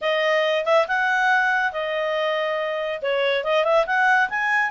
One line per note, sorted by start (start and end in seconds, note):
0.01 0.65 D#5
0.65 0.86 E5
0.87 1.72 F#5
1.72 3.00 D#5
3.02 3.43 C#5
3.43 3.64 D#5
3.64 3.85 E5
3.86 4.29 F#5
4.29 4.70 G#5